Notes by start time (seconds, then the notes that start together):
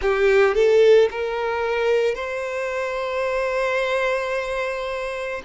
0.01 G4
0.54 A4
1.10 A#4
2.14 C5